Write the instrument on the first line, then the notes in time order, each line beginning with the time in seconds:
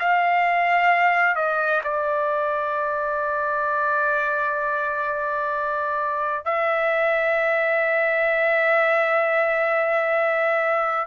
trumpet
0.00 F5
1.36 D#5
1.84 D5
6.45 E5